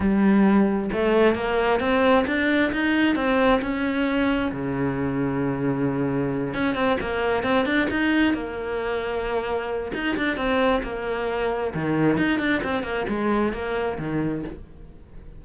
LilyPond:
\new Staff \with { instrumentName = "cello" } { \time 4/4 \tempo 4 = 133 g2 a4 ais4 | c'4 d'4 dis'4 c'4 | cis'2 cis2~ | cis2~ cis8 cis'8 c'8 ais8~ |
ais8 c'8 d'8 dis'4 ais4.~ | ais2 dis'8 d'8 c'4 | ais2 dis4 dis'8 d'8 | c'8 ais8 gis4 ais4 dis4 | }